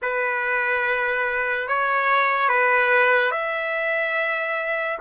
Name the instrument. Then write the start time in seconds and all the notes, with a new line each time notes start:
trumpet
0.02 B4
1.68 C#5
2.48 B4
3.31 E5